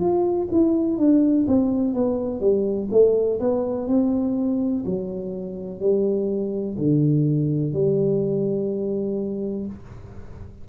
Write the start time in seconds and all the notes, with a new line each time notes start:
0.00 F4
0.51 E4
0.97 D4
1.47 C4
1.94 B3
2.40 G3
2.91 A3
3.40 B3
3.88 C4
4.86 F#3
5.80 G3
6.78 D3
7.73 G3